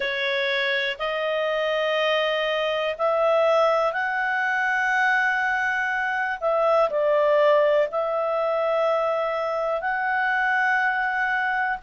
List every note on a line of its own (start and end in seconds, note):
0.00 0.96 C#5
0.98 2.95 D#5
2.98 3.92 E5
3.92 6.38 F#5
6.40 6.89 E5
6.90 7.88 D5
7.91 9.81 E5
9.81 11.78 F#5